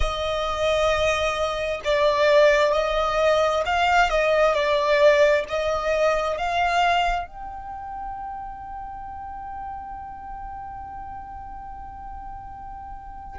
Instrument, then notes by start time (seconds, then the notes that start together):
violin
0.00 D#5
1.84 D5
2.72 D#5
3.65 F5
4.09 D#5
4.54 D5
5.48 D#5
6.37 F5
7.27 G5